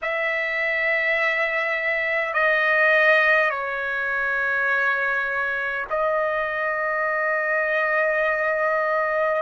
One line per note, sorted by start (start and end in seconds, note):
0.02 2.33 E5
2.33 3.50 D#5
3.50 5.85 C#5
5.90 9.42 D#5